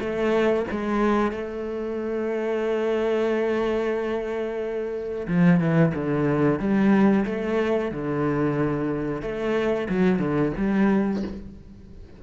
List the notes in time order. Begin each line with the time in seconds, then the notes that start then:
0.00 A3
0.71 G#3
1.32 A3
5.28 F3
5.60 E3
5.95 D3
6.59 G3
7.25 A3
7.92 D3
9.22 A3
9.89 F#3
10.19 D3
10.57 G3